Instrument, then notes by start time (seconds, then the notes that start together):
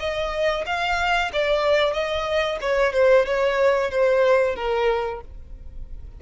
violin
0.00 D#5
0.66 F5
1.33 D5
1.94 D#5
2.61 C#5
2.93 C5
3.26 C#5
3.91 C5
4.56 A#4